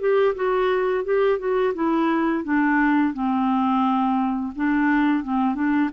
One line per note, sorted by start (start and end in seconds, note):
0.00 0.35 G4
0.35 1.04 F#4
1.04 1.39 G4
1.39 1.74 F#4
1.74 2.44 E4
2.44 3.14 D4
3.14 4.53 C4
4.55 5.24 D4
5.24 5.55 C4
5.55 5.90 D4